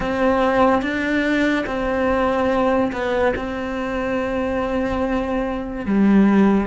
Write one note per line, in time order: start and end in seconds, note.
0.00 0.81 C4
0.81 1.65 D4
1.66 2.91 C4
2.92 3.34 B3
3.36 5.85 C4
5.85 6.67 G3